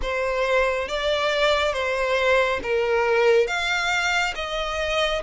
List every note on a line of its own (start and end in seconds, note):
0.02 0.88 C5
0.88 1.73 D5
1.73 2.60 C5
2.62 3.47 A#4
3.47 4.34 F5
4.35 5.22 D#5